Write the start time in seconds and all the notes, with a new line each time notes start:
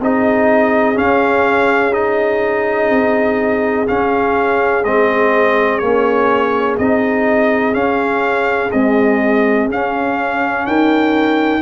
0.00 C4 D#4 G#4 D#5
0.95 C#4 F5
1.93 D#4 D#5
2.90 C4
3.87 C#4 F5
4.85 G#3 C4 D#5
5.79 A#3 C#4 C#5
6.78 C4 D#4 D#5
7.73 C#4 F5
8.72 G#3 C4 D#5
9.70 C#4 F5
10.67 D#4 A#4 G5